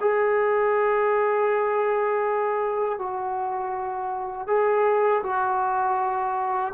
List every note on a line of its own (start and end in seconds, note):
0.00 2.98 G#4
2.98 4.47 F#4
4.47 5.22 G#4
5.23 6.73 F#4